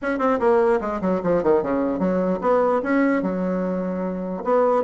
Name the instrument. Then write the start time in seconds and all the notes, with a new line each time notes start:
bassoon
0.01 C#4
0.18 C4
0.39 A#3
0.80 G#3
1.01 F#3
1.23 F3
1.43 D#3
1.62 C#3
1.99 F#3
2.41 B3
2.82 C#4
3.22 F#3
4.44 B3